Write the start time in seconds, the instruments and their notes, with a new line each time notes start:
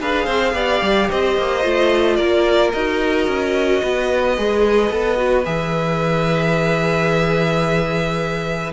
0.00 cello D4, viola G#4, violin B4 F5
0.25 cello C4, violin C5
0.53 cello B3, viola G4, violin D5
0.82 cello G3
1.09 cello C4, violin C5 D#5
1.37 cello A#3
1.63 cello A3, viola F4
2.16 cello A#3, violin A#4 D5
2.72 cello D#4, viola F#4, violin D#5
3.27 cello C#4
3.82 cello B3, violin B4
4.37 cello G#3, viola G#4
4.90 cello B3, viola A4
5.16 viola F#4
5.45 cello E3, viola G#4, violin E5